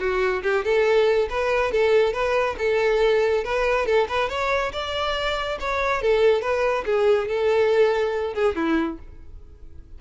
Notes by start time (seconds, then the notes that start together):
0.00 F#4
0.43 G4
0.65 A4
1.30 B4
1.72 A4
2.14 B4
2.59 A4
3.44 B4
3.86 A4
4.09 B4
4.30 C#5
4.73 D5
5.60 C#5
6.02 A4
6.42 B4
6.86 G#4
7.28 A4
8.35 G#4
8.56 E4